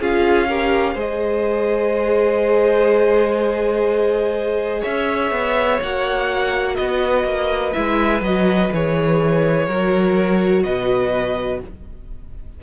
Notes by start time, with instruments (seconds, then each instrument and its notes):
0.00 cello C#4, viola F4, violin G#4 F5
0.49 viola G4, violin A#4
0.95 cello G#3, viola G#4, violin C5 D#5
4.81 cello C#4, violin C#5 E5
5.31 cello B3
5.83 cello A#3, viola F#4, violin F#5
6.76 cello B3, violin B4 D#5
7.25 cello A#3
7.73 cello G#3, viola E4, violin E5
8.21 cello F#3, viola F#4, violin D#5
8.72 cello E3, viola G#4, violin C#5
9.67 cello F#3, viola F#4, violin A#4
10.64 cello B2, violin B4 D#5